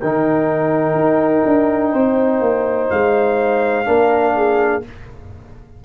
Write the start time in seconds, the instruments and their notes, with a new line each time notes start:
0.00 tuba D#3, trombone D#4, horn A#4, trumpet G5
0.94 tuba D#4
1.45 tuba D4
1.92 tuba C4, horn C5
2.40 tuba A#3
2.90 tuba G#3, trumpet F5
3.85 tuba A#3, trombone D4, horn A#4
4.36 horn G#4